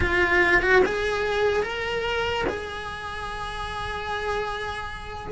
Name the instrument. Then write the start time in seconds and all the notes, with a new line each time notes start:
cello
0.00 F4
0.61 F#4
0.85 G#4
1.62 A#4
2.48 G#4